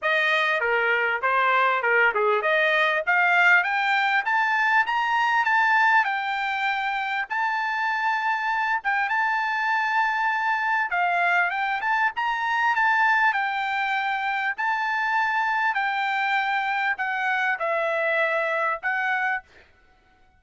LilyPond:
\new Staff \with { instrumentName = "trumpet" } { \time 4/4 \tempo 4 = 99 dis''4 ais'4 c''4 ais'8 gis'8 | dis''4 f''4 g''4 a''4 | ais''4 a''4 g''2 | a''2~ a''8 g''8 a''4~ |
a''2 f''4 g''8 a''8 | ais''4 a''4 g''2 | a''2 g''2 | fis''4 e''2 fis''4 | }